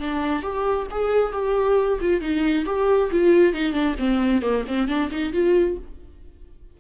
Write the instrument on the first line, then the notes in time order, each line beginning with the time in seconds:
viola
0.00 D4
0.43 G4
0.91 G#4
1.33 G4
2.01 F4
2.21 D#4
2.66 G4
3.11 F4
3.54 D#4
3.73 D4
3.99 C4
4.42 A#3
4.68 C4
4.88 D4
5.11 D#4
5.33 F4